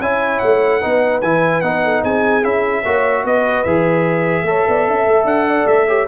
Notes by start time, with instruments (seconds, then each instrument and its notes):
0.00 tuba C#4, trombone E4, horn C#5, trumpet G#5
0.39 tuba A3, trumpet F#5
0.81 tuba B3, trombone D#4, horn B4
1.22 tuba E3, trombone E4, trumpet G#5
1.61 tuba B3, trombone D#4, trumpet F#5
1.84 horn A4
2.03 tuba C4, horn G#4, trumpet G#5
2.43 tuba C#4, trombone E4, trumpet E5
2.85 tuba A#3, trombone F#4, horn C#5
3.23 tuba B3, horn B4, trumpet D#5
3.64 tuba E3, trombone G#4, trumpet E5
4.43 tuba A3, trombone A4, horn C#5
4.68 tuba B3, horn D5
4.87 tuba C#4, horn E5
5.07 tuba A3
5.25 tuba D4, trumpet F#5
5.48 horn D5
5.67 tuba A3, trumpet E5
5.87 trombone G4, horn C#5